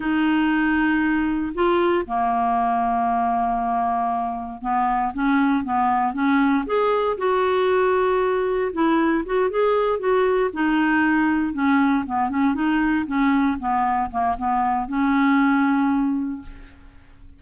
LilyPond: \new Staff \with { instrumentName = "clarinet" } { \time 4/4 \tempo 4 = 117 dis'2. f'4 | ais1~ | ais4 b4 cis'4 b4 | cis'4 gis'4 fis'2~ |
fis'4 e'4 fis'8 gis'4 fis'8~ | fis'8 dis'2 cis'4 b8 | cis'8 dis'4 cis'4 b4 ais8 | b4 cis'2. | }